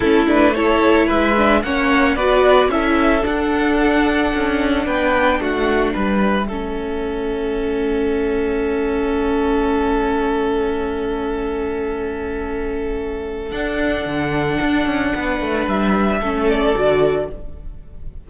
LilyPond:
<<
  \new Staff \with { instrumentName = "violin" } { \time 4/4 \tempo 4 = 111 a'8 b'8 cis''4 e''4 fis''4 | d''4 e''4 fis''2~ | fis''4 g''4 fis''4 e''4~ | e''1~ |
e''1~ | e''1~ | e''4 fis''2.~ | fis''4 e''4. d''4. | }
  \new Staff \with { instrumentName = "violin" } { \time 4/4 e'4 a'4 b'4 cis''4 | b'4 a'2.~ | a'4 b'4 fis'4 b'4 | a'1~ |
a'1~ | a'1~ | a'1 | b'2 a'2 | }
  \new Staff \with { instrumentName = "viola" } { \time 4/4 cis'8 d'8 e'4. d'8 cis'4 | fis'4 e'4 d'2~ | d'1 | cis'1~ |
cis'1~ | cis'1~ | cis'4 d'2.~ | d'2 cis'4 fis'4 | }
  \new Staff \with { instrumentName = "cello" } { \time 4/4 a2 gis4 ais4 | b4 cis'4 d'2 | cis'4 b4 a4 g4 | a1~ |
a1~ | a1~ | a4 d'4 d4 d'8 cis'8 | b8 a8 g4 a4 d4 | }
>>